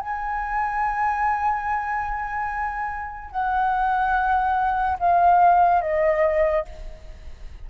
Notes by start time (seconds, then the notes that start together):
0.00 G#5
3.31 F#5
4.99 F5
5.81 D#5